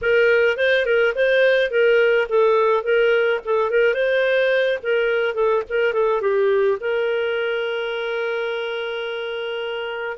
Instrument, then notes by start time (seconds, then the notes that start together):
clarinet
0.01 A#4
0.57 C5
0.85 A#4
1.15 C5
1.70 A#4
2.28 A4
2.83 A#4
3.44 A4
3.70 A#4
3.93 C5
4.82 A#4
5.34 A4
5.69 A#4
5.93 A4
6.21 G4
6.80 A#4